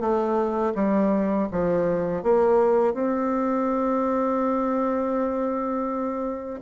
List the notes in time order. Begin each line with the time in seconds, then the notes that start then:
0.00 A3
0.75 G3
1.52 F3
2.23 A#3
2.94 C4